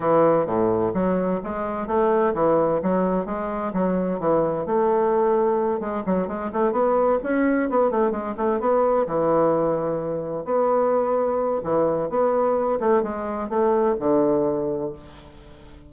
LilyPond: \new Staff \with { instrumentName = "bassoon" } { \time 4/4 \tempo 4 = 129 e4 a,4 fis4 gis4 | a4 e4 fis4 gis4 | fis4 e4 a2~ | a8 gis8 fis8 gis8 a8 b4 cis'8~ |
cis'8 b8 a8 gis8 a8 b4 e8~ | e2~ e8 b4.~ | b4 e4 b4. a8 | gis4 a4 d2 | }